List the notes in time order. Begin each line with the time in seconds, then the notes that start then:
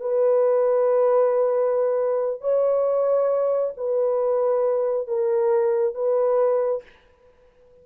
0.00 B4
2.41 C#5
3.77 B4
5.07 A#4
5.94 B4